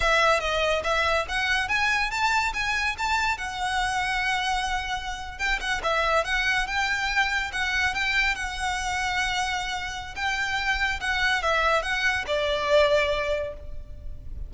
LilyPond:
\new Staff \with { instrumentName = "violin" } { \time 4/4 \tempo 4 = 142 e''4 dis''4 e''4 fis''4 | gis''4 a''4 gis''4 a''4 | fis''1~ | fis''8. g''8 fis''8 e''4 fis''4 g''16~ |
g''4.~ g''16 fis''4 g''4 fis''16~ | fis''1 | g''2 fis''4 e''4 | fis''4 d''2. | }